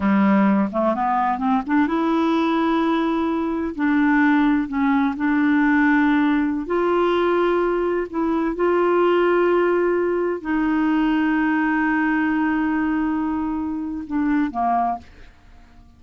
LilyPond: \new Staff \with { instrumentName = "clarinet" } { \time 4/4 \tempo 4 = 128 g4. a8 b4 c'8 d'8 | e'1 | d'2 cis'4 d'4~ | d'2~ d'16 f'4.~ f'16~ |
f'4~ f'16 e'4 f'4.~ f'16~ | f'2~ f'16 dis'4.~ dis'16~ | dis'1~ | dis'2 d'4 ais4 | }